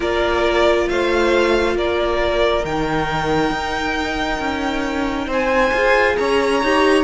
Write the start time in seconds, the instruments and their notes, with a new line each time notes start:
0.00 cello A#3, viola F4, violin A#4 D5
0.88 cello A3, violin C5 F5
1.75 cello A#3, violin A#4 D5
2.64 cello D#3, viola D#4, violin G5
3.50 cello D#4
4.39 cello C#4
5.26 cello C4, violin C5 G#5
5.73 cello F4, viola G#4
6.17 cello C#4, violin C#5 A#5
6.63 cello D#4, viola G4